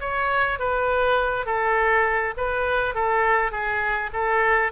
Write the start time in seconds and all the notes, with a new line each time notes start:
0.00 C#5
0.59 B4
1.45 A4
2.37 B4
2.94 A4
3.51 G#4
4.13 A4